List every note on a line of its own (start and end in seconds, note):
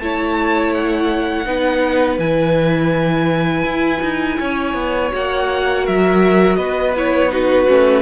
0.00 1.46 A3
0.00 1.46 E4
0.00 1.48 C#5
0.00 0.73 A5
0.74 2.19 F#5
1.46 2.18 B3
1.46 2.19 D#4
1.46 4.39 B4
2.18 3.64 E3
2.18 5.11 E4
2.18 5.12 G#5
3.65 4.01 E4
4.02 4.39 D#4
4.39 4.74 C#4
4.39 5.84 C#5
4.74 5.11 B3
5.11 5.88 A#3
5.11 6.94 F#4
5.11 5.87 F#5
5.84 6.57 F#3
5.84 6.57 A#4
5.84 6.56 E5
6.56 7.67 B3
6.56 7.31 B4
6.56 6.93 D#5
6.96 7.30 E4
6.96 7.32 C#5
7.30 7.67 D#4
7.30 8.02 F#4
7.30 8.02 B4
7.68 8.02 A3
7.68 8.02 C#4